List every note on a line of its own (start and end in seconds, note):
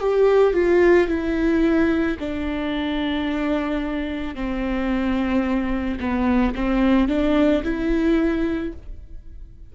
0.00 0.54 G4
0.54 1.09 F4
1.09 2.18 E4
2.20 4.35 D4
4.35 5.99 C4
6.00 6.55 B3
6.55 7.09 C4
7.09 7.63 D4
7.64 8.73 E4